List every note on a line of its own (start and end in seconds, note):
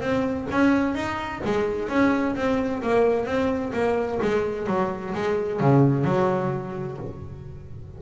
0.00 0.47 C4
0.51 0.95 C#4
0.95 1.41 D#4
1.44 1.89 G#3
1.89 2.35 C#4
2.35 2.82 C4
2.82 3.25 A#3
3.25 3.72 C4
3.73 4.19 A#3
4.22 4.67 G#3
4.67 5.13 F#3
5.14 5.60 G#3
5.60 6.04 C#3
6.04 6.97 F#3